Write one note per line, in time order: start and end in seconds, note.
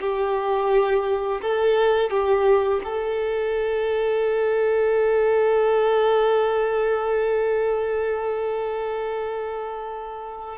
0.00 1.41 G4
1.41 2.10 A4
2.10 2.81 G4
2.84 10.58 A4